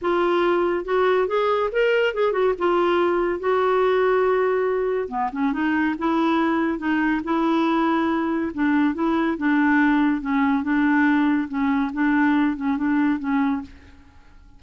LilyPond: \new Staff \with { instrumentName = "clarinet" } { \time 4/4 \tempo 4 = 141 f'2 fis'4 gis'4 | ais'4 gis'8 fis'8 f'2 | fis'1 | b8 cis'8 dis'4 e'2 |
dis'4 e'2. | d'4 e'4 d'2 | cis'4 d'2 cis'4 | d'4. cis'8 d'4 cis'4 | }